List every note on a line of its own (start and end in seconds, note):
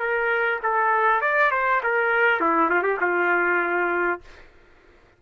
0.00 0.60 A#4
0.63 1.22 A4
1.22 1.52 D5
1.52 1.82 C5
1.84 2.41 A#4
2.41 2.71 E4
2.71 2.83 F4
2.83 2.98 G4
3.01 4.21 F4